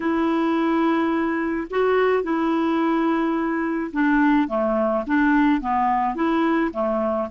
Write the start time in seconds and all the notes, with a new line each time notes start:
0.00 E4
1.70 F#4
2.23 E4
3.92 D4
4.48 A3
5.06 D4
5.60 B3
6.15 E4
6.72 A3